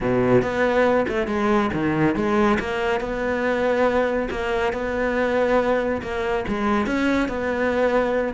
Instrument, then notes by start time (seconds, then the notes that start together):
cello
0.01 B2
0.41 B3
1.08 A3
1.27 G#3
1.73 D#3
2.15 G#3
2.59 A#3
3.00 B3
4.30 A#3
4.73 B3
6.02 A#3
6.48 G#3
6.86 C#4
7.28 B3